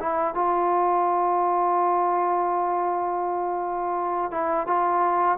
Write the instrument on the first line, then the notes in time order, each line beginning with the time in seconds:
trombone
0.00 E4
0.35 F4
4.31 E4
4.67 F4